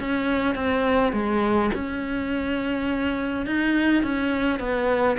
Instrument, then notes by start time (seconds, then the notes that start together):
cello
0.00 C#4
0.55 C4
1.13 G#3
1.75 C#4
3.46 D#4
4.03 C#4
4.60 B3